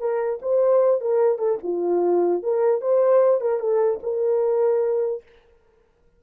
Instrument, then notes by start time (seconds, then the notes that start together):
horn
0.00 A#4
0.43 C5
1.01 A#4
1.39 A4
1.64 F4
2.43 A#4
2.82 C5
3.41 A#4
3.60 A4
4.03 A#4